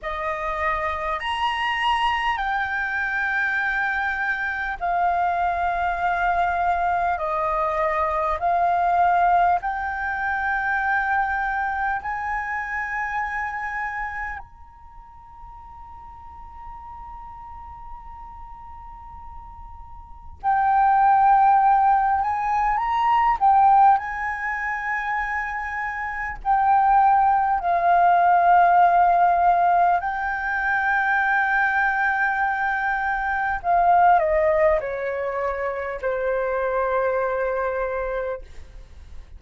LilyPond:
\new Staff \with { instrumentName = "flute" } { \time 4/4 \tempo 4 = 50 dis''4 ais''4 g''2 | f''2 dis''4 f''4 | g''2 gis''2 | ais''1~ |
ais''4 g''4. gis''8 ais''8 g''8 | gis''2 g''4 f''4~ | f''4 g''2. | f''8 dis''8 cis''4 c''2 | }